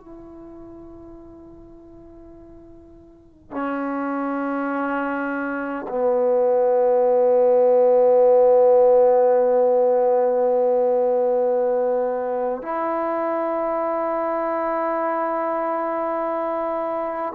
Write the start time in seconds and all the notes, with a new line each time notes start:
0.00 E4
3.51 C#4
5.88 B3
12.63 E4